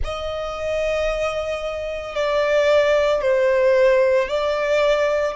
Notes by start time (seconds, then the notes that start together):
0.04 D#5
2.15 D5
3.21 C5
4.28 D5